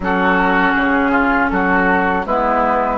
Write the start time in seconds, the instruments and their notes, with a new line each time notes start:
0.00 bassoon F#3, clarinet C#4, oboe F#4, flute A4
0.72 bassoon C#3, flute G#4
1.11 oboe F4
1.49 bassoon F#3, oboe F#4, flute A4
2.25 bassoon G#3, clarinet B3, oboe E4, flute B4